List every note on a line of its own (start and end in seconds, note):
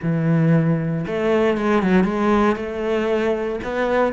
0.02 1.05 E3
1.07 1.57 A3
1.57 1.82 G#3
1.82 2.04 F#3
2.04 2.56 G#3
2.56 3.59 A3
3.63 4.13 B3